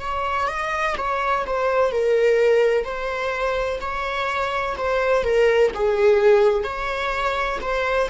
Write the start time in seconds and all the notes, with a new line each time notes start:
0.00 C#5
0.48 D#5
0.97 C#5
1.46 C5
1.91 A#4
2.84 C5
3.81 C#5
4.77 C5
5.23 A#4
5.74 G#4
6.63 C#5
7.61 C5